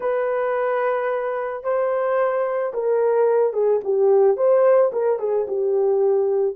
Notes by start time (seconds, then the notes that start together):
0.00 B4
1.63 C5
2.73 A#4
3.53 G#4
3.83 G4
4.36 C5
4.92 A#4
5.19 G#4
5.47 G4